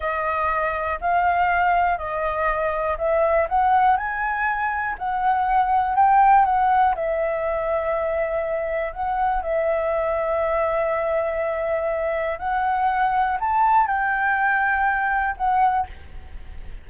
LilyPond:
\new Staff \with { instrumentName = "flute" } { \time 4/4 \tempo 4 = 121 dis''2 f''2 | dis''2 e''4 fis''4 | gis''2 fis''2 | g''4 fis''4 e''2~ |
e''2 fis''4 e''4~ | e''1~ | e''4 fis''2 a''4 | g''2. fis''4 | }